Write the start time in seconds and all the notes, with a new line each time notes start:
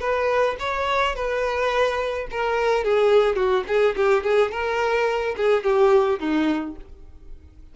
0.00 B4
0.59 C#5
1.15 B4
2.31 A#4
2.84 G#4
3.35 F#4
3.67 G#4
3.96 G4
4.23 G#4
4.51 A#4
5.37 G#4
5.64 G4
6.20 D#4